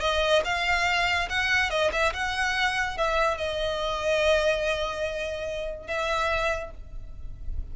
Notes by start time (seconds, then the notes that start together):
0.00 D#5
0.45 F5
1.29 F#5
1.70 D#5
1.92 E5
2.13 F#5
2.97 E5
3.37 D#5
5.87 E5